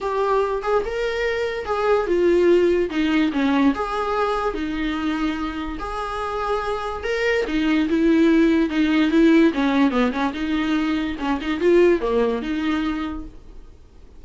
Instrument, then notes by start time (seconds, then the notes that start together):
viola
0.00 G4
0.62 G#4
0.85 A#4
1.65 G#4
2.07 F4
2.90 D#4
3.32 C#4
3.74 G#4
4.54 D#4
5.79 G#4
7.03 A#4
7.47 D#4
7.89 E4
8.69 D#4
9.10 E4
9.53 C#4
9.90 B3
10.12 C#4
10.33 D#4
11.19 C#4
11.41 D#4
11.60 F4
12.00 A#3
12.42 D#4